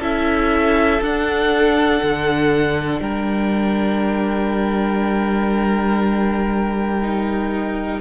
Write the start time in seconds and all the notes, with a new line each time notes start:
0.00 C#4 E4 A4 E5
1.01 D4 F#5
2.03 D3
3.01 G3 A#4 G5
7.02 D#4